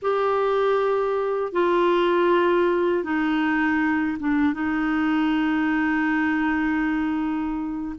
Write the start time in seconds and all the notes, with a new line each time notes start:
0.01 G4
1.52 F4
3.03 D#4
4.19 D4
4.53 D#4